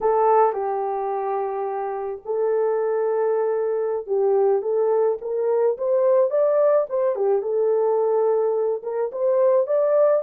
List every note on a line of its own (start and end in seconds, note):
0.00 0.53 A4
0.53 2.21 G4
2.25 4.07 A4
4.07 4.62 G4
4.62 5.18 A4
5.21 5.77 A#4
5.77 6.30 C5
6.30 6.86 D5
6.89 7.15 C5
7.15 7.41 G4
7.41 8.82 A4
8.82 9.10 A#4
9.11 9.67 C5
9.67 10.22 D5